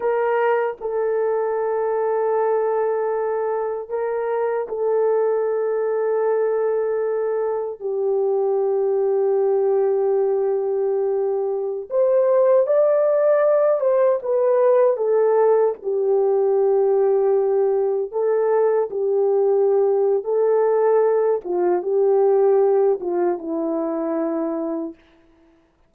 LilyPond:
\new Staff \with { instrumentName = "horn" } { \time 4/4 \tempo 4 = 77 ais'4 a'2.~ | a'4 ais'4 a'2~ | a'2 g'2~ | g'2.~ g'16 c''8.~ |
c''16 d''4. c''8 b'4 a'8.~ | a'16 g'2. a'8.~ | a'16 g'4.~ g'16 a'4. f'8 | g'4. f'8 e'2 | }